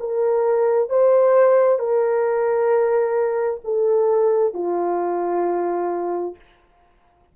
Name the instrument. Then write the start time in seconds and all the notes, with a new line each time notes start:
horn
0.00 A#4
0.89 C5
1.79 A#4
3.64 A4
4.54 F4